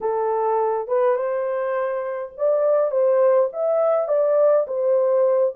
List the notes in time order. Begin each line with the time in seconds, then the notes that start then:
0.00 A4
0.87 B4
1.16 C5
2.37 D5
2.91 C5
3.52 E5
4.08 D5
4.67 C5